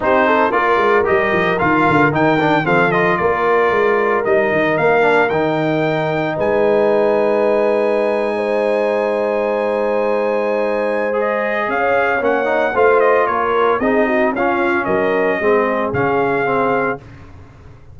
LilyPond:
<<
  \new Staff \with { instrumentName = "trumpet" } { \time 4/4 \tempo 4 = 113 c''4 d''4 dis''4 f''4 | g''4 f''8 dis''8 d''2 | dis''4 f''4 g''2 | gis''1~ |
gis''1~ | gis''4 dis''4 f''4 fis''4 | f''8 dis''8 cis''4 dis''4 f''4 | dis''2 f''2 | }
  \new Staff \with { instrumentName = "horn" } { \time 4/4 g'8 a'8 ais'2.~ | ais'4 a'4 ais'2~ | ais'1 | b'2.~ b'8. c''16~ |
c''1~ | c''2 cis''2 | c''4 ais'4 gis'8 fis'8 f'4 | ais'4 gis'2. | }
  \new Staff \with { instrumentName = "trombone" } { \time 4/4 dis'4 f'4 g'4 f'4 | dis'8 d'8 c'8 f'2~ f'8 | dis'4. d'8 dis'2~ | dis'1~ |
dis'1~ | dis'4 gis'2 cis'8 dis'8 | f'2 dis'4 cis'4~ | cis'4 c'4 cis'4 c'4 | }
  \new Staff \with { instrumentName = "tuba" } { \time 4/4 c'4 ais8 gis8 g8 f8 dis8 d8 | dis4 f4 ais4 gis4 | g8 dis8 ais4 dis2 | gis1~ |
gis1~ | gis2 cis'4 ais4 | a4 ais4 c'4 cis'4 | fis4 gis4 cis2 | }
>>